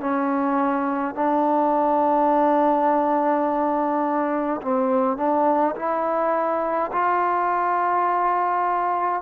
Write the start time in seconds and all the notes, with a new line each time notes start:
0.00 C#4
1.15 D4
4.62 C4
5.17 D4
5.76 E4
6.92 F4